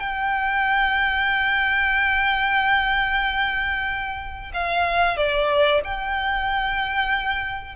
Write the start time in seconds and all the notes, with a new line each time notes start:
0.00 G5
4.54 F5
5.17 D5
5.84 G5